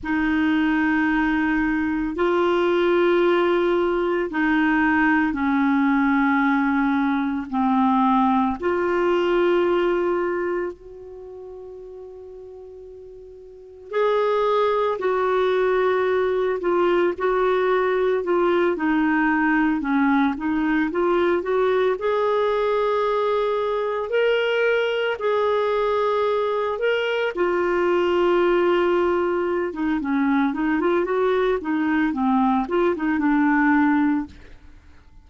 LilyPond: \new Staff \with { instrumentName = "clarinet" } { \time 4/4 \tempo 4 = 56 dis'2 f'2 | dis'4 cis'2 c'4 | f'2 fis'2~ | fis'4 gis'4 fis'4. f'8 |
fis'4 f'8 dis'4 cis'8 dis'8 f'8 | fis'8 gis'2 ais'4 gis'8~ | gis'4 ais'8 f'2~ f'16 dis'16 | cis'8 dis'16 f'16 fis'8 dis'8 c'8 f'16 dis'16 d'4 | }